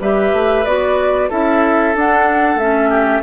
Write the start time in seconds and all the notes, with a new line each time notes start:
0.00 G3 G4 B4 E5
0.32 A3
0.65 B3 F#4 D5
1.29 C#4 E4 A4 E5
1.95 D4 F#5
2.55 A3 C#4 E5
2.89 G4